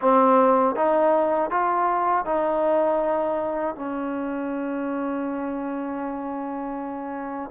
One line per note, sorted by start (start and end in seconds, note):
0.01 0.75 C4
0.75 1.50 D#4
1.50 2.25 F4
2.25 3.75 D#4
3.75 7.50 C#4